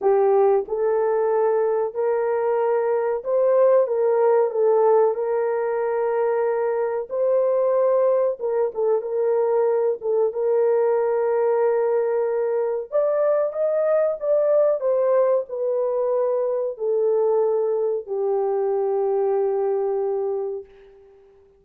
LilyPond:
\new Staff \with { instrumentName = "horn" } { \time 4/4 \tempo 4 = 93 g'4 a'2 ais'4~ | ais'4 c''4 ais'4 a'4 | ais'2. c''4~ | c''4 ais'8 a'8 ais'4. a'8 |
ais'1 | d''4 dis''4 d''4 c''4 | b'2 a'2 | g'1 | }